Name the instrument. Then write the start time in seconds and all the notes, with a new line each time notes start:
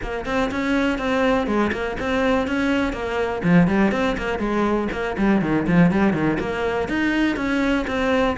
cello
0.02 A#3
0.25 C4
0.51 C#4
0.98 C4
1.46 G#3
1.72 A#3
1.99 C4
2.47 C#4
2.93 A#3
3.43 F3
3.67 G3
3.91 C4
4.17 A#3
4.39 G#3
4.92 A#3
5.17 G3
5.41 D#3
5.67 F3
5.91 G3
6.13 D#3
6.39 A#3
6.88 D#4
7.36 C#4
7.87 C4